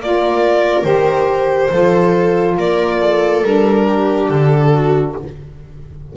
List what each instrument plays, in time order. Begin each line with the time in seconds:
0.00 double bass A#3, saxophone F4, viola A#4, violin D5
0.84 double bass D#3, saxophone G4, violin C5
1.71 double bass F3, saxophone F4, viola A4
2.57 double bass A#3, viola A#4, violin D5
3.01 viola A4
3.43 double bass G3, saxophone D4, violin A#4
3.88 viola G4
4.29 double bass D3, violin A4
4.74 viola F#4